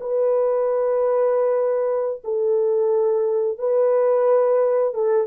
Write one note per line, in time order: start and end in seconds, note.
0.00 2.22 B4
2.24 3.58 A4
3.58 4.94 B4
4.94 5.27 A4